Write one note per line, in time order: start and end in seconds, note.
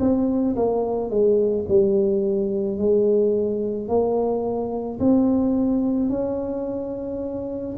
0.00 0.56 C4
0.56 1.10 A#3
1.10 1.66 G#3
1.68 2.78 G3
2.78 3.88 G#3
3.88 4.99 A#3
4.99 6.10 C4
6.10 7.76 C#4